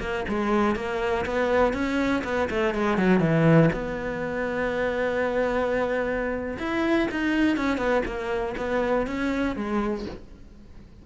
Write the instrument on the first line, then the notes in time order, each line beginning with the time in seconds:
cello
0.00 A#3
0.28 G#3
0.76 A#3
1.26 B3
1.74 C#4
2.24 B3
2.50 A3
2.74 G#3
2.98 F#3
3.20 E3
3.73 B3
6.59 E4
7.11 D#4
7.57 C#4
7.78 B3
8.06 A#3
8.57 B3
9.07 C#4
9.56 G#3